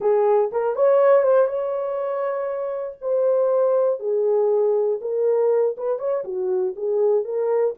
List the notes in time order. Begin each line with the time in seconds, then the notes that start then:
0.00 G#4
0.52 A#4
0.75 C#5
1.22 C5
1.47 C#5
3.01 C5
3.99 G#4
5.01 A#4
5.77 B4
5.98 C#5
6.24 F#4
6.75 G#4
7.24 A#4